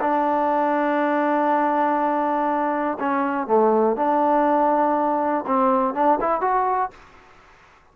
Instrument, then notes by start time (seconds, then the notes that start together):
trombone
0.00 D4
2.99 C#4
3.47 A3
3.96 D4
5.46 C4
5.94 D4
6.20 E4
6.41 F#4